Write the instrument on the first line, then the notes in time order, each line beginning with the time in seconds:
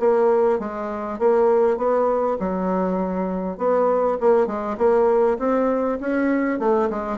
bassoon
0.00 A#3
0.60 G#3
1.19 A#3
1.78 B3
2.40 F#3
3.58 B3
4.21 A#3
4.47 G#3
4.78 A#3
5.39 C4
6.01 C#4
6.59 A3
6.91 G#3